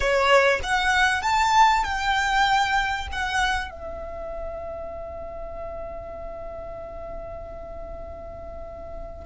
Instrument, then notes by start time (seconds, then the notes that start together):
violin
0.00 C#5
0.63 F#5
1.22 A5
1.84 G5
3.12 F#5
3.70 E5